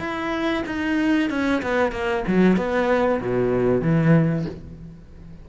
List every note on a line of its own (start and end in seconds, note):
0.00 0.64 E4
0.66 1.30 D#4
1.30 1.62 C#4
1.63 1.92 B3
1.92 2.24 A#3
2.27 2.57 F#3
2.57 3.21 B3
3.21 3.82 B2
3.82 4.46 E3